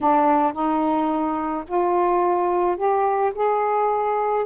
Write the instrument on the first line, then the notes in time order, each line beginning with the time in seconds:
saxophone
0.00 D4
0.53 D#4
1.67 F4
2.77 G4
3.34 G#4